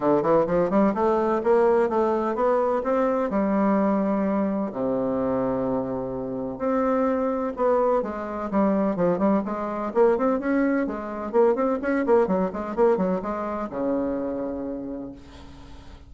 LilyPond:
\new Staff \with { instrumentName = "bassoon" } { \time 4/4 \tempo 4 = 127 d8 e8 f8 g8 a4 ais4 | a4 b4 c'4 g4~ | g2 c2~ | c2 c'2 |
b4 gis4 g4 f8 g8 | gis4 ais8 c'8 cis'4 gis4 | ais8 c'8 cis'8 ais8 fis8 gis8 ais8 fis8 | gis4 cis2. | }